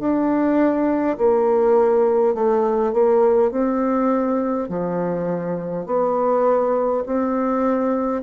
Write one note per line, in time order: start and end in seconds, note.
0.00 1.18 D4
1.18 2.35 A#3
2.35 2.93 A3
2.93 3.51 A#3
3.51 4.69 C4
4.69 5.86 F3
5.86 7.04 B3
7.06 8.23 C4